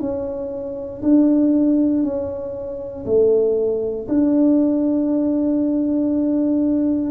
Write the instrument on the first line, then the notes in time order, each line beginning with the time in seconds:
tuba
0.00 C#4
1.03 D4
2.04 C#4
3.06 A3
4.09 D4